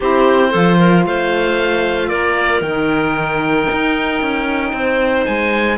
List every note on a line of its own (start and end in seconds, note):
0.00 0.54 C4
0.00 0.52 E4
0.00 0.50 G4
0.00 1.06 C5
0.50 1.06 F3
0.50 2.62 F4
0.50 0.76 A4
0.78 1.05 A#4
1.06 2.11 A3
1.06 2.08 C5
1.06 2.09 F5
2.08 2.61 A#3
2.08 4.72 A#4
2.08 2.61 D5
2.61 3.66 D#3
2.61 5.77 D#4
2.61 5.24 G5
3.71 4.21 D#4
4.21 4.72 C#4
4.72 5.25 C4
4.72 5.77 C5
5.26 5.77 G#3
5.26 5.77 G#5